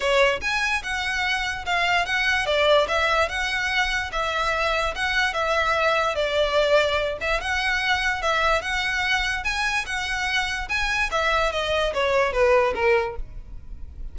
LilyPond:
\new Staff \with { instrumentName = "violin" } { \time 4/4 \tempo 4 = 146 cis''4 gis''4 fis''2 | f''4 fis''4 d''4 e''4 | fis''2 e''2 | fis''4 e''2 d''4~ |
d''4. e''8 fis''2 | e''4 fis''2 gis''4 | fis''2 gis''4 e''4 | dis''4 cis''4 b'4 ais'4 | }